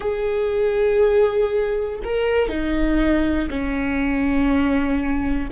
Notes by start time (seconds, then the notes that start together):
0.00 G#4
2.03 A#4
2.48 D#4
3.50 C#4